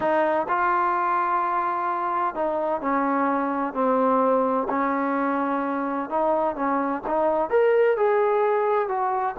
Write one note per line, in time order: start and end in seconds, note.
0.00 0.46 D#4
0.48 2.34 F4
2.34 2.81 D#4
2.81 3.73 C#4
3.73 4.67 C4
4.69 6.09 C#4
6.09 6.55 D#4
6.55 7.02 C#4
7.06 7.50 D#4
7.50 7.96 A#4
7.96 8.88 G#4
8.88 9.35 F#4